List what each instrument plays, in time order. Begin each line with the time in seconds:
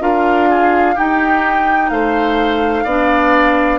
0.00 bassoon D4, clarinet F4, oboe A#4, flute F5
0.50 oboe G#4
0.95 clarinet D#4, bassoon D#4, oboe G4, flute G5
1.90 bassoon A3, oboe C5, flute F5
2.84 bassoon B3, clarinet D4, oboe D5